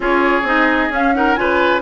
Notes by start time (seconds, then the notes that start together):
0.00 C#4 F4 G#4 C#5
0.43 C4 D#4 D#5
0.89 C#4 F5
1.14 D#4 A#4 F#5
1.35 C#3 F4 B4 G#5